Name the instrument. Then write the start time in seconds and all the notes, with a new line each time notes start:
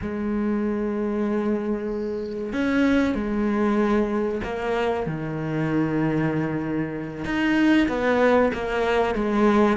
cello
0.01 G#3
2.53 C#4
3.14 G#3
4.43 A#3
5.06 D#3
7.24 D#4
7.88 B3
8.53 A#3
9.14 G#3